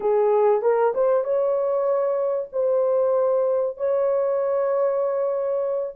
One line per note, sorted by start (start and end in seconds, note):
0.00 0.62 G#4
0.62 0.93 A#4
0.94 1.24 C5
1.24 2.49 C#5
2.52 3.77 C5
3.77 5.95 C#5